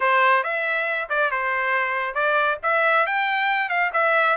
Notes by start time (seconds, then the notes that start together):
0.00 C5
0.43 E5
1.09 D5
1.31 C5
2.14 D5
2.62 E5
3.06 G5
3.69 F5
3.93 E5